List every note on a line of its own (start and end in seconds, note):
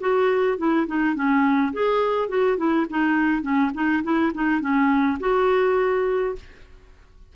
0.00 0.58 F#4
0.58 0.87 E4
0.87 1.15 D#4
1.15 1.73 C#4
1.73 2.29 G#4
2.29 2.57 F#4
2.57 2.86 E4
2.90 3.42 D#4
3.42 3.71 C#4
3.74 4.03 D#4
4.03 4.32 E4
4.35 4.60 D#4
4.60 5.18 C#4
5.20 6.35 F#4